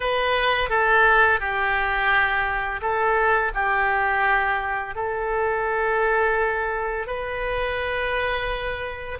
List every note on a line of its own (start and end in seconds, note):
0.00 0.69 B4
0.69 1.39 A4
1.39 2.80 G4
2.81 3.52 A4
3.54 4.95 G4
4.95 7.06 A4
7.06 9.18 B4